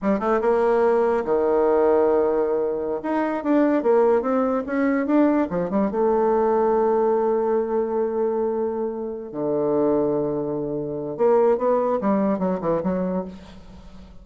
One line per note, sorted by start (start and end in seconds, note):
0.02 0.19 G3
0.19 0.40 A3
0.41 1.23 A#3
1.24 3.00 D#3
3.02 3.43 D#4
3.43 3.82 D4
3.82 4.21 A#3
4.21 4.63 C4
4.66 5.06 C#4
5.06 5.47 D4
5.49 5.70 F3
5.70 5.90 G3
5.90 9.32 A3
9.32 11.17 D3
11.17 11.57 A#3
11.57 11.99 B3
12.01 12.38 G3
12.38 12.59 F#3
12.60 12.81 E3
12.83 13.24 F#3